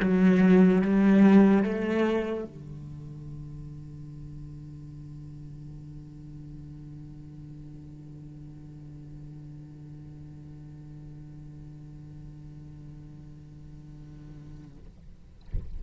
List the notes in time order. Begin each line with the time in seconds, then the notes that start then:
0.00 F#3
0.82 G3
1.63 A3
2.44 D3